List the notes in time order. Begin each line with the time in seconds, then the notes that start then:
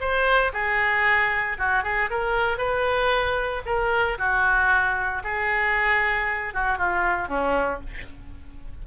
0.00 C5
0.53 G#4
1.58 F#4
1.83 G#4
2.10 A#4
2.58 B4
3.65 A#4
4.18 F#4
5.24 G#4
6.54 F#4
6.78 F4
7.28 C#4